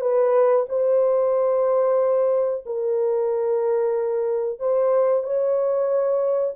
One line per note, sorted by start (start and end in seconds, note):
0.00 0.65 B4
0.69 2.64 C5
2.65 4.59 A#4
4.59 5.23 C5
5.23 6.54 C#5